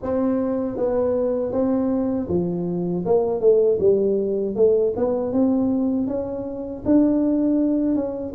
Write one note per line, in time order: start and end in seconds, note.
0.02 0.76 C4
0.76 1.52 B3
1.52 2.28 C4
2.28 3.04 F3
3.05 3.40 A#3
3.40 3.78 A3
3.79 4.55 G3
4.55 4.93 A3
4.96 5.32 B3
5.32 6.07 C4
6.07 6.83 C#4
6.85 7.95 D4
7.95 8.33 C#4